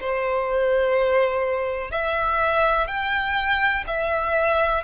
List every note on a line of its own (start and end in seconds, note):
0.00 1.91 C5
1.91 2.87 E5
2.87 3.84 G5
3.87 4.84 E5